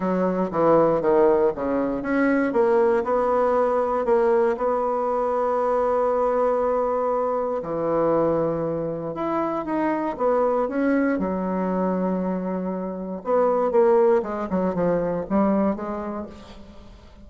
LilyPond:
\new Staff \with { instrumentName = "bassoon" } { \time 4/4 \tempo 4 = 118 fis4 e4 dis4 cis4 | cis'4 ais4 b2 | ais4 b2.~ | b2. e4~ |
e2 e'4 dis'4 | b4 cis'4 fis2~ | fis2 b4 ais4 | gis8 fis8 f4 g4 gis4 | }